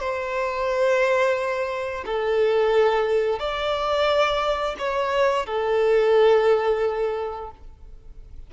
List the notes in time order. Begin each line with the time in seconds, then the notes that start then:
0.00 C5
2.05 A4
3.39 D5
4.78 C#5
5.46 A4